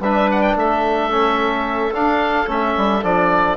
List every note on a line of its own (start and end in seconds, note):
0.00 0.55 G3
0.00 1.10 D4
0.00 0.56 B4
0.00 0.30 E5
0.31 0.41 F#5
0.41 0.55 G5
0.56 1.93 A3
0.56 3.57 A4
0.56 1.94 E5
1.10 1.92 C#4
1.93 2.47 D4
1.93 2.49 F5
2.47 2.75 A3
2.47 3.02 C#4
2.47 3.04 E5
2.77 3.03 G3
3.03 3.57 F3
3.03 3.57 D4
3.03 3.57 D5